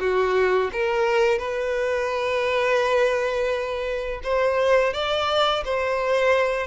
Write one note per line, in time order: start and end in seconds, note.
0.00 0.71 F#4
0.73 1.39 A#4
1.39 4.21 B4
4.24 4.93 C5
4.93 5.64 D5
5.65 6.67 C5